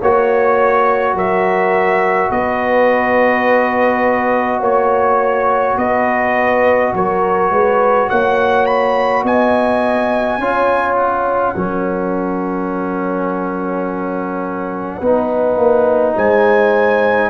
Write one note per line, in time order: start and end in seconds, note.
0.00 1.14 A#3
0.00 10.41 F#4
0.00 1.15 C#5
0.00 1.17 C#5
1.14 2.29 F#3
1.14 2.30 A#4
1.14 2.31 E5
2.30 4.61 B3
2.30 4.60 B4
2.30 4.62 D#5
4.60 5.76 A#3
4.60 5.75 C#5
4.60 5.78 C#5
5.77 6.93 B3
5.77 6.94 B4
5.77 6.94 D#5
6.93 7.50 F#3
6.93 7.51 A#4
6.93 8.10 C#5
7.50 8.08 G#3
7.50 8.09 B4
8.10 9.23 A#3
8.10 9.24 C#5
8.10 8.66 F#5
8.66 9.24 B5
9.23 10.38 B3
9.23 10.40 D#5
9.23 10.95 G#5
10.38 11.54 C#4
10.38 11.55 F4
10.38 11.56 C#5
10.95 16.14 F#5
11.55 15.01 F#3
11.55 15.01 C#4
11.55 14.99 A#4
14.99 15.57 B3
14.99 17.30 D#4
14.99 16.14 B4
15.57 16.14 A#3
16.16 17.30 G#3
16.16 17.30 C5
16.16 17.30 G#5